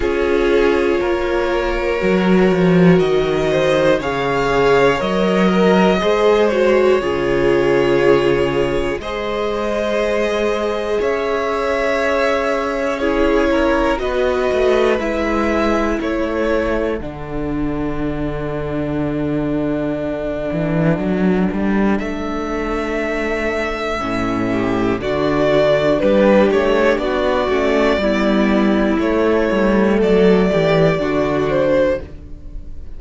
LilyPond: <<
  \new Staff \with { instrumentName = "violin" } { \time 4/4 \tempo 4 = 60 cis''2. dis''4 | f''4 dis''4. cis''4.~ | cis''4 dis''2 e''4~ | e''4 cis''4 dis''4 e''4 |
cis''4 fis''2.~ | fis''2 e''2~ | e''4 d''4 b'8 cis''8 d''4~ | d''4 cis''4 d''4. c''8 | }
  \new Staff \with { instrumentName = "violin" } { \time 4/4 gis'4 ais'2~ ais'8 c''8 | cis''4. ais'8 c''4 gis'4~ | gis'4 c''2 cis''4~ | cis''4 gis'8 ais'8 b'2 |
a'1~ | a'1~ | a'8 g'8 fis'4 g'4 fis'4 | e'2 a'8 g'8 fis'4 | }
  \new Staff \with { instrumentName = "viola" } { \time 4/4 f'2 fis'2 | gis'4 ais'4 gis'8 fis'8 f'4~ | f'4 gis'2.~ | gis'4 e'4 fis'4 e'4~ |
e'4 d'2.~ | d'1 | cis'4 d'2~ d'8 cis'8 | b4 a2 d'4 | }
  \new Staff \with { instrumentName = "cello" } { \time 4/4 cis'4 ais4 fis8 f8 dis4 | cis4 fis4 gis4 cis4~ | cis4 gis2 cis'4~ | cis'2 b8 a8 gis4 |
a4 d2.~ | d8 e8 fis8 g8 a2 | a,4 d4 g8 a8 b8 a8 | g4 a8 g8 fis8 e8 d4 | }
>>